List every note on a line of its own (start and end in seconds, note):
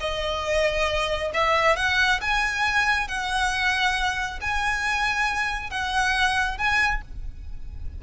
0.00 1.31 D#5
1.34 1.76 E5
1.76 2.20 F#5
2.21 3.08 G#5
3.08 4.39 F#5
4.41 5.70 G#5
5.70 6.58 F#5
6.58 7.02 G#5